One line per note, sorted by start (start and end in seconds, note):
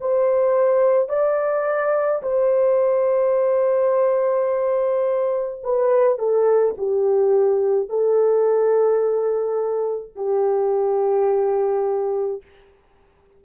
0.00 1.09 C5
1.09 2.22 D5
2.22 5.61 C5
5.63 6.18 B4
6.18 6.75 A4
6.77 7.89 G4
7.89 10.15 A4
10.15 12.42 G4